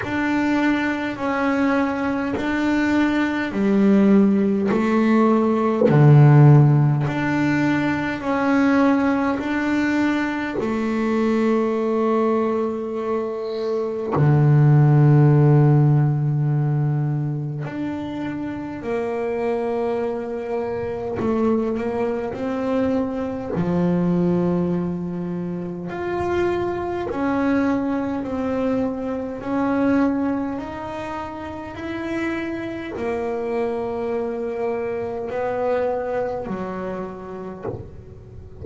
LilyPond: \new Staff \with { instrumentName = "double bass" } { \time 4/4 \tempo 4 = 51 d'4 cis'4 d'4 g4 | a4 d4 d'4 cis'4 | d'4 a2. | d2. d'4 |
ais2 a8 ais8 c'4 | f2 f'4 cis'4 | c'4 cis'4 dis'4 e'4 | ais2 b4 fis4 | }